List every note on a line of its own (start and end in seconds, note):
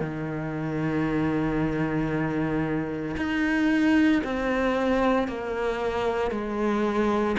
0.00 3.16 D#3
3.16 4.22 D#4
4.23 5.27 C4
5.27 6.31 A#3
6.31 7.36 G#3